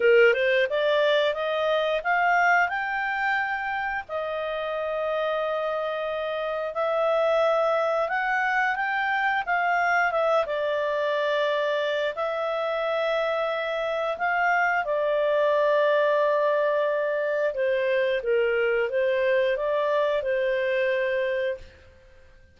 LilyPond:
\new Staff \with { instrumentName = "clarinet" } { \time 4/4 \tempo 4 = 89 ais'8 c''8 d''4 dis''4 f''4 | g''2 dis''2~ | dis''2 e''2 | fis''4 g''4 f''4 e''8 d''8~ |
d''2 e''2~ | e''4 f''4 d''2~ | d''2 c''4 ais'4 | c''4 d''4 c''2 | }